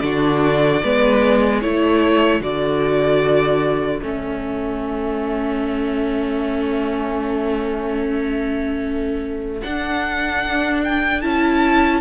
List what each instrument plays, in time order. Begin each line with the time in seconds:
0.00 cello D3, viola D4, violin F#4 D5
0.83 cello G#3, viola B3, violin B4
1.61 cello A3, viola E4, violin A4 C#5
2.41 cello D3, viola F#4, violin D5
4.02 cello A3, viola C#4, violin E5
9.62 viola D4, cello D4, violin F#5
10.84 violin G5
11.21 cello C#4, viola E4, violin A5